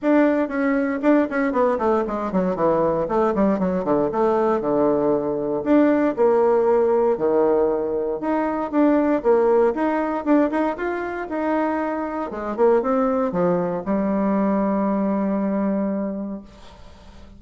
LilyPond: \new Staff \with { instrumentName = "bassoon" } { \time 4/4 \tempo 4 = 117 d'4 cis'4 d'8 cis'8 b8 a8 | gis8 fis8 e4 a8 g8 fis8 d8 | a4 d2 d'4 | ais2 dis2 |
dis'4 d'4 ais4 dis'4 | d'8 dis'8 f'4 dis'2 | gis8 ais8 c'4 f4 g4~ | g1 | }